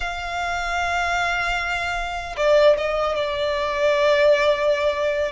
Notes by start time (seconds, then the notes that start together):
0.00 F5
2.36 D5
2.77 D#5
3.15 D5